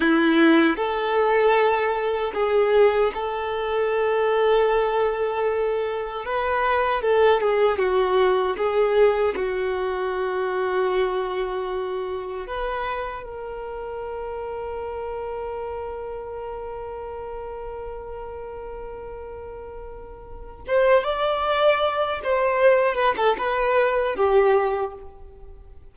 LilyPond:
\new Staff \with { instrumentName = "violin" } { \time 4/4 \tempo 4 = 77 e'4 a'2 gis'4 | a'1 | b'4 a'8 gis'8 fis'4 gis'4 | fis'1 |
b'4 ais'2.~ | ais'1~ | ais'2~ ais'8 c''8 d''4~ | d''8 c''4 b'16 a'16 b'4 g'4 | }